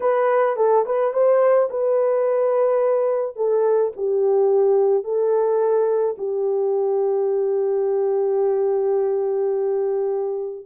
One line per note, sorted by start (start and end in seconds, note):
0.00 0.56 B4
0.56 0.84 A4
0.85 1.13 B4
1.13 1.69 C5
1.70 3.35 B4
3.35 3.92 A4
3.96 5.03 G4
5.03 6.16 A4
6.18 10.65 G4